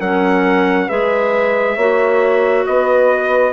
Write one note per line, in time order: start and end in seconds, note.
0.00 0.89 F#3
0.00 0.90 C#4
0.00 0.88 A#4
0.00 0.89 F#5
0.88 1.77 G#3
0.88 1.78 G#4
0.88 1.76 B4
0.88 2.66 E5
1.76 2.65 A#3
1.76 3.53 F#4
1.76 2.65 C#5
2.67 3.53 B3
2.67 3.53 B4
2.67 3.53 D#5